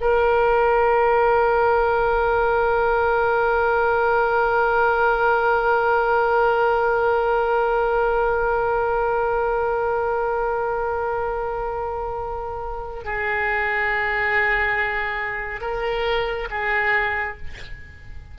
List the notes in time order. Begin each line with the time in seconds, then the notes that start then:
0.00 A#4
13.04 G#4
15.61 A#4
16.50 G#4